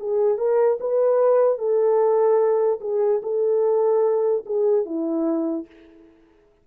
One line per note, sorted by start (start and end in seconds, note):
0.00 0.38 G#4
0.38 0.79 A#4
0.81 1.59 B4
1.59 2.80 A4
2.81 3.22 G#4
3.23 4.44 A4
4.46 4.86 G#4
4.86 5.67 E4